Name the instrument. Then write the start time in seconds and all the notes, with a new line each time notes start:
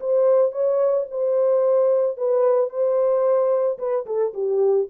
horn
0.00 C5
0.52 C#5
1.11 C5
2.17 B4
2.70 C5
3.79 B4
4.06 A4
4.34 G4